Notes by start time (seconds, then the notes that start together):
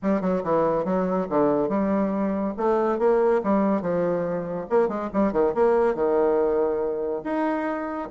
0.02 G3
0.21 F#3
0.43 E3
0.84 F#3
1.29 D3
1.68 G3
2.57 A3
2.98 A#3
3.43 G3
3.81 F3
4.69 A#3
4.88 G#3
5.13 G3
5.32 D#3
5.54 A#3
5.94 D#3
7.23 D#4